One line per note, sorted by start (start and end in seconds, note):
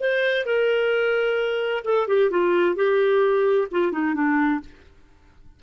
0.00 0.46 C5
0.46 1.84 A#4
1.85 2.08 A4
2.08 2.31 G4
2.31 2.76 F4
2.76 3.68 G4
3.71 3.92 F4
3.92 4.15 D#4
4.15 4.61 D4